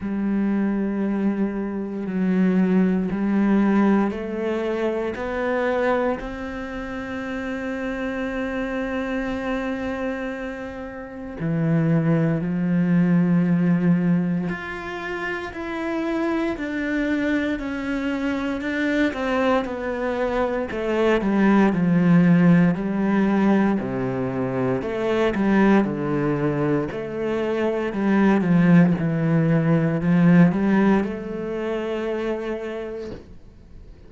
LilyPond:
\new Staff \with { instrumentName = "cello" } { \time 4/4 \tempo 4 = 58 g2 fis4 g4 | a4 b4 c'2~ | c'2. e4 | f2 f'4 e'4 |
d'4 cis'4 d'8 c'8 b4 | a8 g8 f4 g4 c4 | a8 g8 d4 a4 g8 f8 | e4 f8 g8 a2 | }